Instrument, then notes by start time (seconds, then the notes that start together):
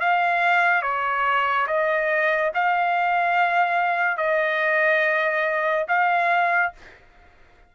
trumpet
0.00 F5
0.82 C#5
1.67 D#5
2.54 F5
4.17 D#5
5.88 F5